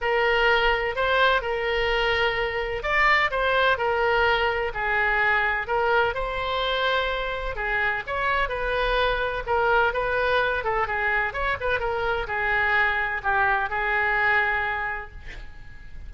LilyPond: \new Staff \with { instrumentName = "oboe" } { \time 4/4 \tempo 4 = 127 ais'2 c''4 ais'4~ | ais'2 d''4 c''4 | ais'2 gis'2 | ais'4 c''2. |
gis'4 cis''4 b'2 | ais'4 b'4. a'8 gis'4 | cis''8 b'8 ais'4 gis'2 | g'4 gis'2. | }